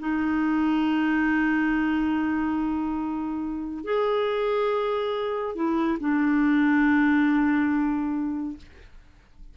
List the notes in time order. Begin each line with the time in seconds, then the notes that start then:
0.00 D#4
3.85 G#4
5.56 E4
6.00 D4